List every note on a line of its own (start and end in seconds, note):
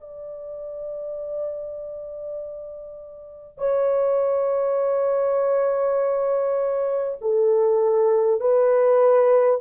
0.00 3.58 D5
3.58 7.18 C#5
7.21 8.40 A4
8.40 9.60 B4